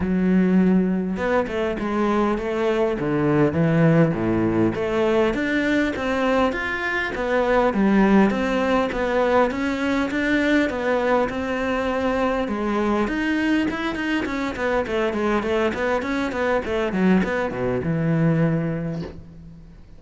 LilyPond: \new Staff \with { instrumentName = "cello" } { \time 4/4 \tempo 4 = 101 fis2 b8 a8 gis4 | a4 d4 e4 a,4 | a4 d'4 c'4 f'4 | b4 g4 c'4 b4 |
cis'4 d'4 b4 c'4~ | c'4 gis4 dis'4 e'8 dis'8 | cis'8 b8 a8 gis8 a8 b8 cis'8 b8 | a8 fis8 b8 b,8 e2 | }